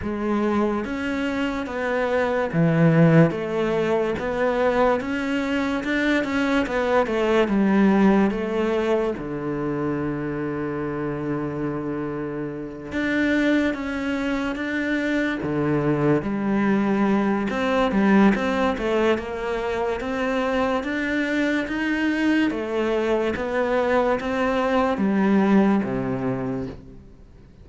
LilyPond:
\new Staff \with { instrumentName = "cello" } { \time 4/4 \tempo 4 = 72 gis4 cis'4 b4 e4 | a4 b4 cis'4 d'8 cis'8 | b8 a8 g4 a4 d4~ | d2.~ d8 d'8~ |
d'8 cis'4 d'4 d4 g8~ | g4 c'8 g8 c'8 a8 ais4 | c'4 d'4 dis'4 a4 | b4 c'4 g4 c4 | }